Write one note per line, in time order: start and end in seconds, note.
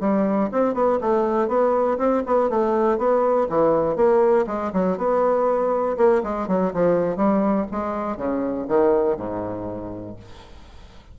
0.00 0.50 G3
0.52 0.74 C4
0.74 0.99 B3
1.01 1.48 A3
1.48 1.98 B3
1.98 2.23 C4
2.26 2.50 B3
2.50 2.98 A3
2.98 3.48 B3
3.49 3.96 E3
3.96 4.46 A#3
4.47 4.72 G#3
4.73 4.98 F#3
4.98 5.97 B3
5.97 6.22 A#3
6.23 6.48 G#3
6.48 6.73 F#3
6.74 7.16 F3
7.16 7.66 G3
7.71 8.17 G#3
8.17 8.67 C#3
8.68 9.17 D#3
9.17 10.16 G#2